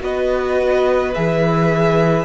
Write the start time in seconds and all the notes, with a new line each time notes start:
0.00 B3 F#4 B4 D#5
1.14 E3 G#4 E5